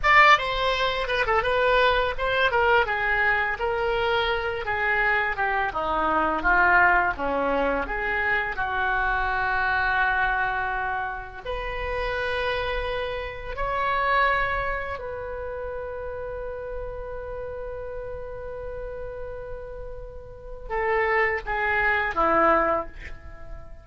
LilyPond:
\new Staff \with { instrumentName = "oboe" } { \time 4/4 \tempo 4 = 84 d''8 c''4 b'16 a'16 b'4 c''8 ais'8 | gis'4 ais'4. gis'4 g'8 | dis'4 f'4 cis'4 gis'4 | fis'1 |
b'2. cis''4~ | cis''4 b'2.~ | b'1~ | b'4 a'4 gis'4 e'4 | }